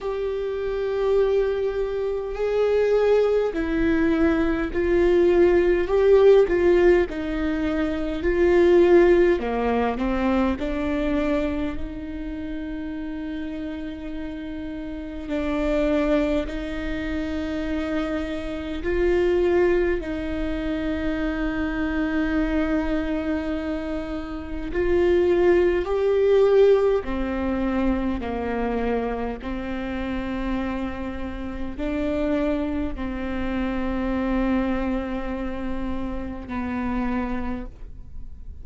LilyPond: \new Staff \with { instrumentName = "viola" } { \time 4/4 \tempo 4 = 51 g'2 gis'4 e'4 | f'4 g'8 f'8 dis'4 f'4 | ais8 c'8 d'4 dis'2~ | dis'4 d'4 dis'2 |
f'4 dis'2.~ | dis'4 f'4 g'4 c'4 | ais4 c'2 d'4 | c'2. b4 | }